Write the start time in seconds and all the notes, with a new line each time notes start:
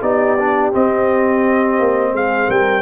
0.00 B3 D#4 G4 D5
0.39 D4
0.71 C4 D#5
1.79 A#3
2.13 G#3 G#4 F5
2.47 G3 A#4 G5